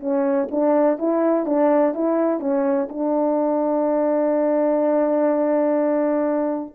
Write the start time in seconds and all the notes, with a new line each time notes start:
0.00 C#4
0.51 D4
0.99 E4
1.46 D4
1.94 E4
2.40 C#4
2.89 D4